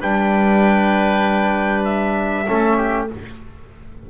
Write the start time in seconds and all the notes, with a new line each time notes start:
0.00 G3 D4 B4 G5
1.84 E5
2.47 A3 C#4 A4
2.77 G4